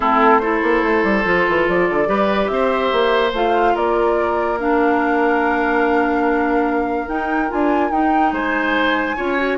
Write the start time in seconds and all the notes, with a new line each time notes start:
0.00 A3 C4 E4 A4
0.39 E4 A4 C5
0.62 A#3
0.83 A3
1.03 G3
1.24 F3 F4
1.48 E3
1.68 F3 D5
1.89 D3
2.05 G3 G4 B4
2.47 C4 C5 E5
2.92 A#3
3.32 A3 F4 F5
3.73 A#3 A#4 D5
4.58 D4 F5
7.07 D#4 G5
7.49 D4 F4 G#5
7.90 D#4 G5
8.32 G#3 C5 G#5
9.16 C#4 F4 C#5
9.37 F#4